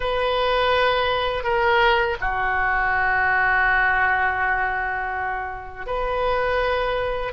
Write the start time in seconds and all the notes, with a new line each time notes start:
0.00 B4
1.43 A#4
2.21 F#4
5.86 B4